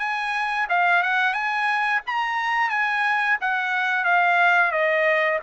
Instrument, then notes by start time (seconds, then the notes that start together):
trumpet
0.00 G#5
0.70 F5
1.03 F#5
1.34 G#5
2.07 A#5
2.70 G#5
3.41 F#5
4.05 F5
4.72 D#5